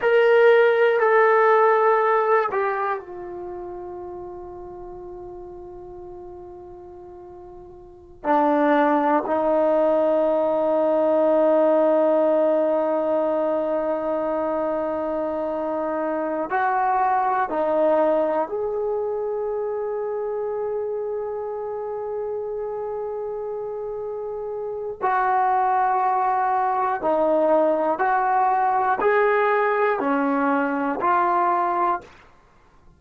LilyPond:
\new Staff \with { instrumentName = "trombone" } { \time 4/4 \tempo 4 = 60 ais'4 a'4. g'8 f'4~ | f'1~ | f'16 d'4 dis'2~ dis'8.~ | dis'1~ |
dis'8 fis'4 dis'4 gis'4.~ | gis'1~ | gis'4 fis'2 dis'4 | fis'4 gis'4 cis'4 f'4 | }